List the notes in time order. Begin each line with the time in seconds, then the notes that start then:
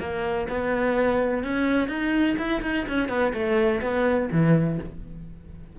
0.00 A#3
0.49 B3
1.44 C#4
1.89 D#4
2.38 E4
2.62 D#4
2.88 C#4
3.09 B3
3.34 A3
3.82 B3
4.32 E3